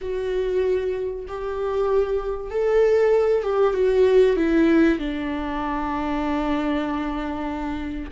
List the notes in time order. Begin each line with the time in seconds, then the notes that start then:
0.01 F#4
1.27 G4
2.50 A4
3.42 G4
3.74 F#4
4.36 E4
4.98 D4